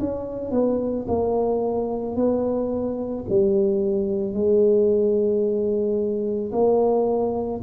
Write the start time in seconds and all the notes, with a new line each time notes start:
0.00 C#4
0.52 B3
1.08 A#3
2.16 B3
3.29 G3
4.34 G#3
6.53 A#3